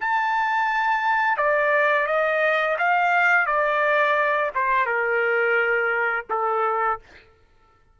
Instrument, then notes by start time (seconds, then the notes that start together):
trumpet
0.00 A5
1.37 D5
2.07 D#5
2.78 F5
3.46 D5
4.55 C5
4.86 A#4
6.29 A4